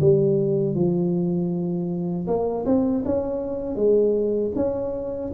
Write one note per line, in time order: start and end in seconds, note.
0.00 0.75 G3
0.75 2.26 F3
2.27 2.65 A#3
2.65 3.03 C4
3.05 3.75 C#4
3.75 4.51 G#3
4.55 5.31 C#4